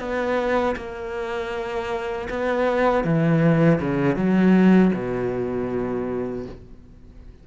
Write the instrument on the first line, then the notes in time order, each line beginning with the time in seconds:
cello
0.00 B3
0.77 A#3
2.30 B3
3.04 E3
3.81 C#3
4.16 F#3
4.94 B2